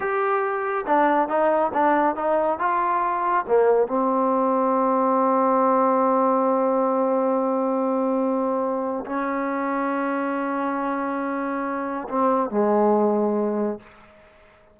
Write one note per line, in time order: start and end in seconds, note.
0.00 0.85 G4
0.86 1.28 D4
1.28 1.71 D#4
1.73 2.15 D4
2.15 2.58 D#4
2.58 3.45 F4
3.47 3.87 A#3
3.87 9.05 C4
9.05 12.07 C#4
12.08 12.50 C4
12.50 13.79 G#3